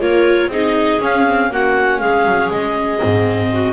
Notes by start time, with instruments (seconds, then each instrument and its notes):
0.00 double bass A#3, viola F4, clarinet A#4 C#5
0.47 double bass C4, viola D#4, clarinet G#4 D#5
1.00 viola C#4, double bass C#4, clarinet F5
1.27 viola C4
1.51 double bass A#3, viola C#4, clarinet F#4 F#5
1.99 double bass G#3, clarinet G#4 F5
2.25 double bass F#3
2.51 double bass G#3, clarinet D#5
2.99 double bass G#2, viola C4
3.52 clarinet F#4